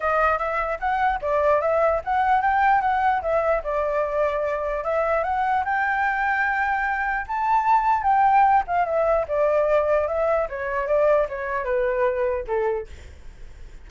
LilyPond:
\new Staff \with { instrumentName = "flute" } { \time 4/4 \tempo 4 = 149 dis''4 e''4 fis''4 d''4 | e''4 fis''4 g''4 fis''4 | e''4 d''2. | e''4 fis''4 g''2~ |
g''2 a''2 | g''4. f''8 e''4 d''4~ | d''4 e''4 cis''4 d''4 | cis''4 b'2 a'4 | }